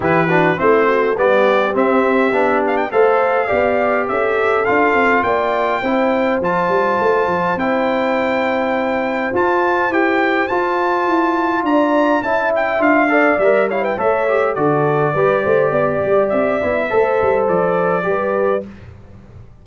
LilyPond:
<<
  \new Staff \with { instrumentName = "trumpet" } { \time 4/4 \tempo 4 = 103 b'4 c''4 d''4 e''4~ | e''8 f''16 g''16 f''2 e''4 | f''4 g''2 a''4~ | a''4 g''2. |
a''4 g''4 a''2 | ais''4 a''8 g''8 f''4 e''8 f''16 g''16 | e''4 d''2. | e''2 d''2 | }
  \new Staff \with { instrumentName = "horn" } { \time 4/4 g'8 fis'8 e'8 fis'8 g'2~ | g'4 c''4 d''4 a'4~ | a'4 d''4 c''2~ | c''1~ |
c''1 | d''4 e''4. d''4 cis''16 b'16 | cis''4 a'4 b'8 c''8 d''4~ | d''4 c''2 b'4 | }
  \new Staff \with { instrumentName = "trombone" } { \time 4/4 e'8 d'8 c'4 b4 c'4 | d'4 a'4 g'2 | f'2 e'4 f'4~ | f'4 e'2. |
f'4 g'4 f'2~ | f'4 e'4 f'8 a'8 ais'8 e'8 | a'8 g'8 fis'4 g'2~ | g'8 e'8 a'2 g'4 | }
  \new Staff \with { instrumentName = "tuba" } { \time 4/4 e4 a4 g4 c'4 | b4 a4 b4 cis'4 | d'8 c'8 ais4 c'4 f8 g8 | a8 f8 c'2. |
f'4 e'4 f'4 e'4 | d'4 cis'4 d'4 g4 | a4 d4 g8 a8 b8 g8 | c'8 b8 a8 g8 f4 g4 | }
>>